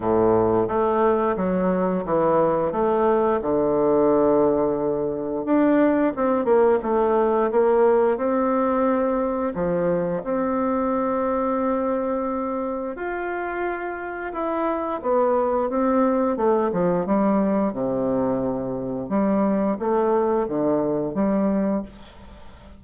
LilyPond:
\new Staff \with { instrumentName = "bassoon" } { \time 4/4 \tempo 4 = 88 a,4 a4 fis4 e4 | a4 d2. | d'4 c'8 ais8 a4 ais4 | c'2 f4 c'4~ |
c'2. f'4~ | f'4 e'4 b4 c'4 | a8 f8 g4 c2 | g4 a4 d4 g4 | }